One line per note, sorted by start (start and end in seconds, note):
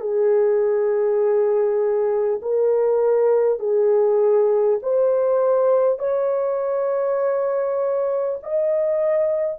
0.00 2.40 G#4
2.42 3.59 A#4
3.59 4.79 G#4
4.82 5.98 C5
5.98 8.38 C#5
8.43 9.59 D#5